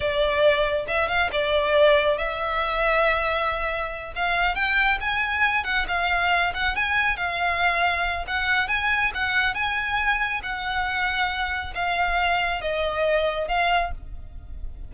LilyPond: \new Staff \with { instrumentName = "violin" } { \time 4/4 \tempo 4 = 138 d''2 e''8 f''8 d''4~ | d''4 e''2.~ | e''4. f''4 g''4 gis''8~ | gis''4 fis''8 f''4. fis''8 gis''8~ |
gis''8 f''2~ f''8 fis''4 | gis''4 fis''4 gis''2 | fis''2. f''4~ | f''4 dis''2 f''4 | }